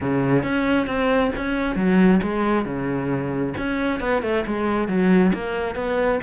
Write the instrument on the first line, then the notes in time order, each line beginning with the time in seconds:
cello
0.01 C#3
0.43 C#4
0.86 C4
1.36 C#4
1.75 F#3
2.22 G#3
2.65 C#3
3.57 C#4
4.00 B3
4.22 A3
4.46 G#3
4.87 F#3
5.33 A#3
5.75 B3